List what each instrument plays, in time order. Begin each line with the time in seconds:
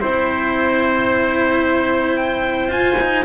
0.00 double bass C4, cello E4, trumpet C5, clarinet C5
2.17 trumpet G5
2.69 cello F4, double bass F4, trumpet G#5
3.01 cello D#4